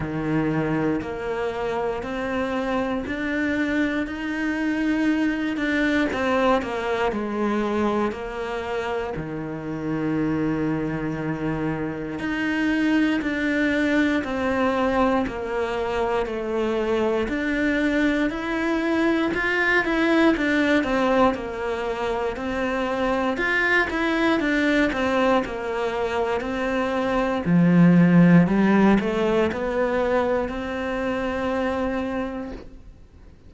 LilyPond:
\new Staff \with { instrumentName = "cello" } { \time 4/4 \tempo 4 = 59 dis4 ais4 c'4 d'4 | dis'4. d'8 c'8 ais8 gis4 | ais4 dis2. | dis'4 d'4 c'4 ais4 |
a4 d'4 e'4 f'8 e'8 | d'8 c'8 ais4 c'4 f'8 e'8 | d'8 c'8 ais4 c'4 f4 | g8 a8 b4 c'2 | }